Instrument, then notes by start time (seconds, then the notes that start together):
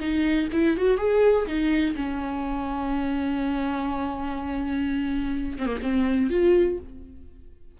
viola
0.00 D#4
0.52 E4
0.77 F#4
0.97 G#4
1.46 D#4
1.96 C#4
5.58 C4
5.66 A#3
5.82 C4
6.30 F4